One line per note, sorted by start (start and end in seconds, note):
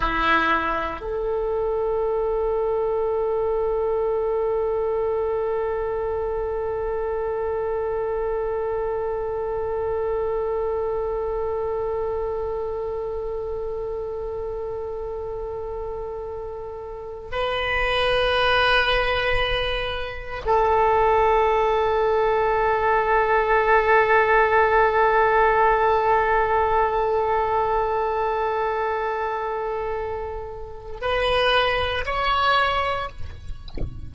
0.00 1.00 E4
1.00 17.29 A4
17.31 20.42 B4
20.45 31.01 A4
31.01 32.04 B4
32.05 33.08 C#5